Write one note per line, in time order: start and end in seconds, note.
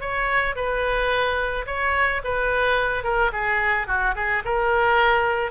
0.00 0.55 C#5
0.55 1.65 B4
1.66 2.21 C#5
2.24 3.03 B4
3.03 3.31 A#4
3.32 3.87 G#4
3.87 4.14 F#4
4.15 4.42 G#4
4.45 5.51 A#4